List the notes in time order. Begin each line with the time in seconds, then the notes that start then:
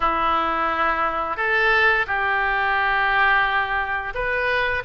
0.00 E4
1.36 A4
2.07 G4
4.14 B4